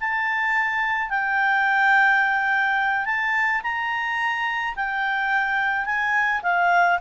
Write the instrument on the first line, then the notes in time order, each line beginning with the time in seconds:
clarinet
0.00 A5
1.09 G5
3.05 A5
3.62 A#5
4.76 G5
5.85 G#5
6.42 F5